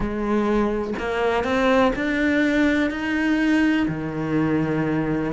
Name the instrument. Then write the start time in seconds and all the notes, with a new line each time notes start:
cello
0.00 G#3
0.98 A#3
1.43 C4
1.95 D4
2.90 D#4
3.88 D#3